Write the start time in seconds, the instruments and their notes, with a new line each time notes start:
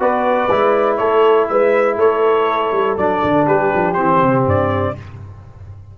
0.00 tuba B3, trombone F#4, horn B4, trumpet D5
0.51 tuba G#3, trombone E4
0.97 tuba A3, horn A4, trumpet C#5
1.48 tuba G#3, horn B4, trumpet E5
1.97 tuba A3, horn A4, trumpet C#5
2.72 tuba G3
2.97 tuba F#3, trombone D4, trumpet D5
3.24 tuba D3
3.47 tuba G3, horn G4, trumpet B4
3.74 tuba F3
3.94 tuba E3, trombone C4, trumpet C5
4.23 tuba C3
4.46 tuba G2, trumpet D5